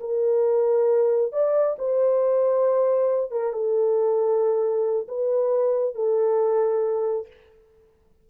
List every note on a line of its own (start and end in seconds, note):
0.00 1.32 A#4
1.32 1.76 D5
1.78 3.31 C5
3.31 3.53 A#4
3.53 5.07 A4
5.08 5.95 B4
5.95 7.27 A4